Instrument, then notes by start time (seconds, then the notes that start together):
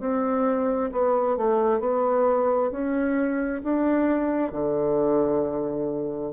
bassoon
0.00 C4
0.92 B3
1.37 A3
1.80 B3
2.71 C#4
3.63 D4
4.52 D3